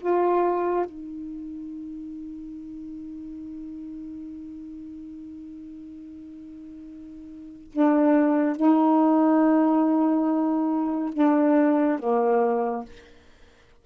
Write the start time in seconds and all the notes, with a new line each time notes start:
0.00 F4
0.85 D#4
7.71 D4
8.56 D#4
11.13 D4
11.99 A#3